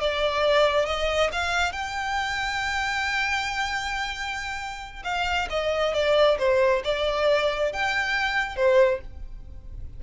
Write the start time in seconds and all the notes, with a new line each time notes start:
0.00 D5
0.86 D#5
1.32 F5
1.72 G5
5.04 F5
5.50 D#5
5.94 D5
6.39 C5
6.84 D5
7.73 G5
8.56 C5